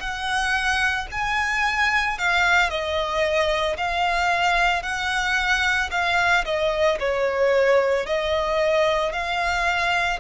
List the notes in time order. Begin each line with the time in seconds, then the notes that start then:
0.00 F#5
1.12 G#5
2.18 F5
2.70 D#5
3.77 F5
4.83 F#5
5.91 F5
6.45 D#5
6.99 C#5
8.06 D#5
9.13 F5